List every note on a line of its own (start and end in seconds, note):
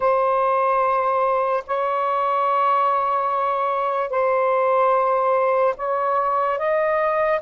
0.00 1.63 C5
1.66 4.09 C#5
4.09 5.74 C5
5.76 6.58 C#5
6.58 7.40 D#5